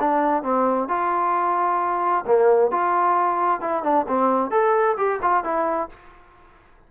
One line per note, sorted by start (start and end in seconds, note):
0.00 0.43 D4
0.43 0.89 C4
0.89 2.25 F4
2.27 2.72 A#3
2.72 3.61 F4
3.61 3.84 E4
3.84 4.06 D4
4.09 4.51 C4
4.51 4.97 A4
4.98 5.20 G4
5.23 5.44 F4
5.44 5.90 E4